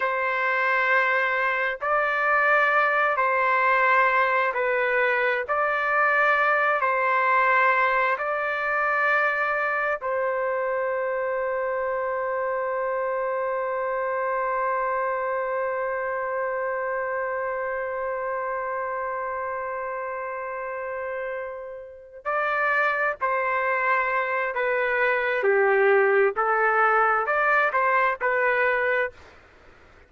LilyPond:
\new Staff \with { instrumentName = "trumpet" } { \time 4/4 \tempo 4 = 66 c''2 d''4. c''8~ | c''4 b'4 d''4. c''8~ | c''4 d''2 c''4~ | c''1~ |
c''1~ | c''1~ | c''8 d''4 c''4. b'4 | g'4 a'4 d''8 c''8 b'4 | }